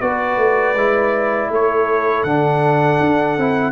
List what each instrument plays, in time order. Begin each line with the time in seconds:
0.00 tuba B3, trombone F#4, horn B4, trumpet D5
0.37 tuba A3
0.74 tuba G#3, trombone E4
1.50 tuba A3, horn A4, trumpet C#5
2.23 tuba D3, trombone D4, trumpet F#5
3.00 tuba D4
3.37 tuba C4, trombone E4